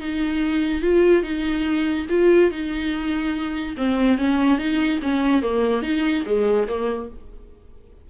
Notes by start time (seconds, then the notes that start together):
0.00 D#4
0.82 F4
1.23 D#4
2.09 F4
2.51 D#4
3.77 C4
4.17 C#4
4.58 D#4
5.02 C#4
5.42 A#3
5.82 D#4
6.26 G#3
6.68 A#3